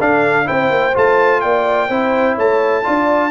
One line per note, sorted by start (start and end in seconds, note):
0.00 0.45 D4
0.00 0.48 D4
0.00 0.46 A4
0.00 0.47 F5
0.45 0.70 C4
0.45 0.93 E4
0.45 1.41 C5
0.45 0.95 G5
0.70 0.94 A#3
0.94 1.43 A3
0.94 1.89 F4
0.94 1.41 A5
1.41 1.89 A#3
1.41 1.88 D5
1.41 2.36 G5
1.88 2.37 C4
1.88 2.83 E4
1.88 2.34 C5
2.34 2.85 A3
2.34 2.82 C#5
2.34 3.31 A5
2.83 3.31 D4
2.83 3.31 F4
2.83 3.31 D5